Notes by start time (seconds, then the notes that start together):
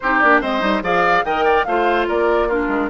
0.00 C4 D#4 G4 C5
0.19 A#3 D4 D5
0.41 G#3 C4 C5 D#5
0.60 G3 D#4
0.81 F3 G#4 D5 F5
1.24 D#3 A#4 D#5 G5
1.45 D5
1.64 A3 F4 C5 F5
2.08 A#3 A#4 D5
2.48 D4 F4 A#4
2.68 G#3